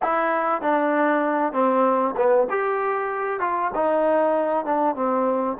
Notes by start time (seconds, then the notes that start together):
0.02 E4
0.61 D4
1.53 C4
2.16 B3
2.50 G4
3.40 F4
3.74 D#4
4.65 D4
4.95 C4